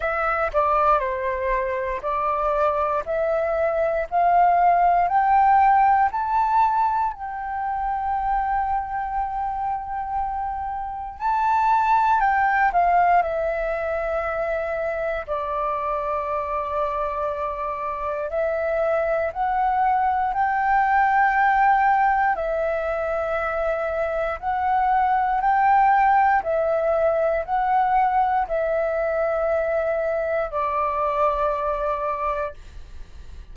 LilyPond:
\new Staff \with { instrumentName = "flute" } { \time 4/4 \tempo 4 = 59 e''8 d''8 c''4 d''4 e''4 | f''4 g''4 a''4 g''4~ | g''2. a''4 | g''8 f''8 e''2 d''4~ |
d''2 e''4 fis''4 | g''2 e''2 | fis''4 g''4 e''4 fis''4 | e''2 d''2 | }